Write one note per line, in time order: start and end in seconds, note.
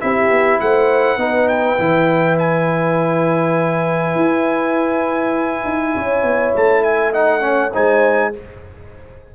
0.00 0.29 C4
0.00 1.19 E4
0.00 0.62 G4
0.00 0.60 E5
0.29 0.59 B3
0.60 1.17 A3
0.60 1.20 C5
0.60 1.48 F#5
1.17 1.77 B3
1.17 1.78 D#4
1.17 5.95 B4
1.48 2.37 G5
1.79 4.16 E3
1.79 7.14 E4
2.39 6.55 G#5
4.16 5.64 E4
5.65 5.95 D#4
5.95 6.23 C#4
5.95 6.83 C#5
6.23 6.53 B3
6.56 7.75 A3
6.56 6.83 A5
6.83 7.12 E5
6.83 7.13 G#5
7.12 7.41 D#4
7.12 7.42 D#5
7.12 7.73 F#5
7.41 7.71 C#4
7.41 7.73 C#5
7.73 8.35 G#3
7.73 8.33 D#4
7.73 8.33 C5
7.73 8.34 G#5